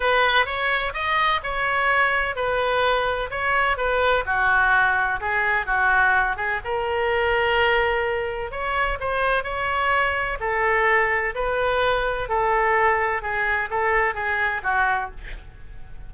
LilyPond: \new Staff \with { instrumentName = "oboe" } { \time 4/4 \tempo 4 = 127 b'4 cis''4 dis''4 cis''4~ | cis''4 b'2 cis''4 | b'4 fis'2 gis'4 | fis'4. gis'8 ais'2~ |
ais'2 cis''4 c''4 | cis''2 a'2 | b'2 a'2 | gis'4 a'4 gis'4 fis'4 | }